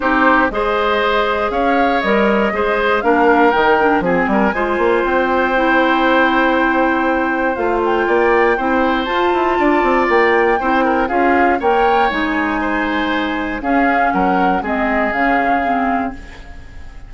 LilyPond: <<
  \new Staff \with { instrumentName = "flute" } { \time 4/4 \tempo 4 = 119 c''4 dis''2 f''4 | dis''2 f''4 g''4 | gis''2 g''2~ | g''2. f''8 g''8~ |
g''2 a''2 | g''2 f''4 g''4 | gis''2. f''4 | fis''4 dis''4 f''2 | }
  \new Staff \with { instrumentName = "oboe" } { \time 4/4 g'4 c''2 cis''4~ | cis''4 c''4 ais'2 | gis'8 ais'8 c''2.~ | c''1 |
d''4 c''2 d''4~ | d''4 c''8 ais'8 gis'4 cis''4~ | cis''4 c''2 gis'4 | ais'4 gis'2. | }
  \new Staff \with { instrumentName = "clarinet" } { \time 4/4 dis'4 gis'2. | ais'4 gis'4 d'4 dis'8 d'8 | c'4 f'2 e'4~ | e'2. f'4~ |
f'4 e'4 f'2~ | f'4 e'4 f'4 ais'4 | dis'2. cis'4~ | cis'4 c'4 cis'4 c'4 | }
  \new Staff \with { instrumentName = "bassoon" } { \time 4/4 c'4 gis2 cis'4 | g4 gis4 ais4 dis4 | f8 g8 gis8 ais8 c'2~ | c'2. a4 |
ais4 c'4 f'8 e'8 d'8 c'8 | ais4 c'4 cis'4 ais4 | gis2. cis'4 | fis4 gis4 cis2 | }
>>